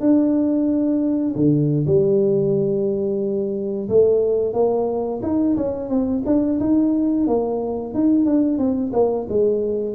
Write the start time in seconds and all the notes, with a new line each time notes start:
0.00 D4
1.35 D3
1.86 G3
3.89 A3
4.53 A#3
5.22 D#4
5.56 C#4
5.89 C4
6.26 D4
6.59 D#4
7.27 A#3
7.94 D#4
8.25 D4
8.58 C4
8.93 A#3
9.29 G#3